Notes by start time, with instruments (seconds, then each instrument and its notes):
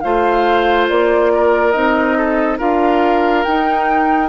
0.00 bassoon A3, clarinet F4, oboe C5, flute F5
0.88 bassoon A#3, flute D5
1.34 oboe A#4
1.71 bassoon C4, clarinet D#4, flute D#5
2.17 oboe A4
2.58 bassoon D4, clarinet F4, oboe A#4, flute F5
3.44 bassoon D#4, clarinet D#4, flute G5